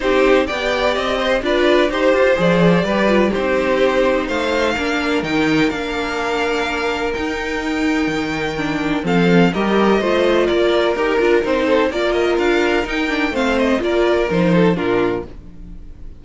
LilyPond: <<
  \new Staff \with { instrumentName = "violin" } { \time 4/4 \tempo 4 = 126 c''4 g''4 dis''4 d''4 | c''4 d''2 c''4~ | c''4 f''2 g''4 | f''2. g''4~ |
g''2. f''4 | dis''2 d''4 ais'4 | c''4 d''8 dis''8 f''4 g''4 | f''8 dis''8 d''4 c''4 ais'4 | }
  \new Staff \with { instrumentName = "violin" } { \time 4/4 g'4 d''4. c''8 b'4 | c''2 b'4 g'4~ | g'4 c''4 ais'2~ | ais'1~ |
ais'2. a'4 | ais'4 c''4 ais'2~ | ais'8 a'8 ais'2. | c''4 ais'4. a'8 f'4 | }
  \new Staff \with { instrumentName = "viola" } { \time 4/4 dis'4 g'2 f'4 | g'4 gis'4 g'8 f'8 dis'4~ | dis'2 d'4 dis'4 | d'2. dis'4~ |
dis'2 d'4 c'4 | g'4 f'2 g'8 f'8 | dis'4 f'2 dis'8 d'8 | c'4 f'4 dis'4 d'4 | }
  \new Staff \with { instrumentName = "cello" } { \time 4/4 c'4 b4 c'4 d'4 | dis'8 f'8 f4 g4 c'4~ | c'4 a4 ais4 dis4 | ais2. dis'4~ |
dis'4 dis2 f4 | g4 a4 ais4 dis'8 d'8 | c'4 ais4 d'4 dis'4 | a4 ais4 f4 ais,4 | }
>>